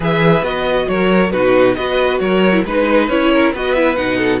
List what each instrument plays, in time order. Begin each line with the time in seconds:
0.00 cello E3, viola G#4, violin B4 E5
0.41 cello B3, viola F#4, violin D#5
0.88 cello F#3, violin A#4 C#5
1.31 cello B2, viola D#4, violin F#4 B4
1.74 cello B3, viola F#4, violin B4 D#5
2.19 cello F#3, violin A#4 C#5
2.52 viola E4
2.64 cello G#3, viola D#4, violin B4
3.08 cello C#4, viola E4, violin C#5
3.31 violin A#4
3.53 cello B3, viola F#4, violin B4 D#5
3.74 viola E4, violin E5
3.95 cello B2, viola D#4, violin F#5
4.17 violin A4